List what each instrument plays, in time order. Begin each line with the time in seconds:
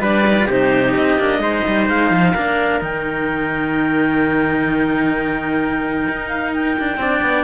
0.00 cello G3 D4, trumpet B4, clarinet D5
0.28 cello D#4
0.38 cello F4
0.47 cello C3 D#4, trumpet G4, clarinet C5
0.93 cello C4, clarinet D#5
1.18 cello A#3 D4
1.39 cello G#3 D#4, trumpet C5
1.67 cello G3
1.89 cello G#3, clarinet F5
2.11 cello F3
2.34 cello A#3 D4, trumpet A#4
2.81 cello D#3 D#4, clarinet G5
6.09 cello D#4
6.28 clarinet F5
6.54 clarinet G5
6.80 cello D4
6.98 cello C4 D4, trumpet D5
7.22 cello B3